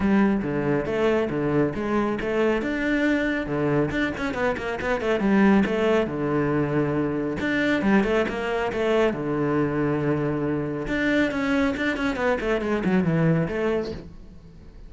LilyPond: \new Staff \with { instrumentName = "cello" } { \time 4/4 \tempo 4 = 138 g4 d4 a4 d4 | gis4 a4 d'2 | d4 d'8 cis'8 b8 ais8 b8 a8 | g4 a4 d2~ |
d4 d'4 g8 a8 ais4 | a4 d2.~ | d4 d'4 cis'4 d'8 cis'8 | b8 a8 gis8 fis8 e4 a4 | }